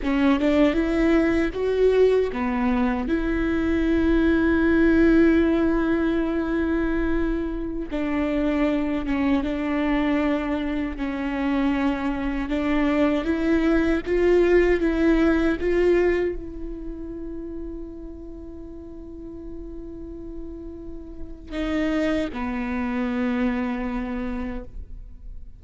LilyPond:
\new Staff \with { instrumentName = "viola" } { \time 4/4 \tempo 4 = 78 cis'8 d'8 e'4 fis'4 b4 | e'1~ | e'2~ e'16 d'4. cis'16~ | cis'16 d'2 cis'4.~ cis'16~ |
cis'16 d'4 e'4 f'4 e'8.~ | e'16 f'4 e'2~ e'8.~ | e'1 | dis'4 b2. | }